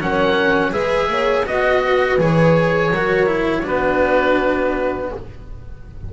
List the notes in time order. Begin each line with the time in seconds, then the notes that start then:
0.00 F#3 C#4 A#4 F#5
0.71 G#3 G#4 B4 E5
1.09 A#3 C#5
1.45 B3 F#4 D#5
1.85 B4
2.18 E3 G#4 C#5
2.91 F#3 F#4 A#4
3.26 E4
3.62 B3 D4 F#4 B4